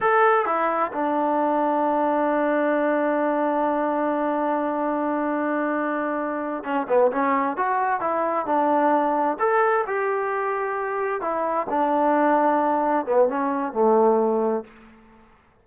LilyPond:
\new Staff \with { instrumentName = "trombone" } { \time 4/4 \tempo 4 = 131 a'4 e'4 d'2~ | d'1~ | d'1~ | d'2~ d'8 cis'8 b8 cis'8~ |
cis'8 fis'4 e'4 d'4.~ | d'8 a'4 g'2~ g'8~ | g'8 e'4 d'2~ d'8~ | d'8 b8 cis'4 a2 | }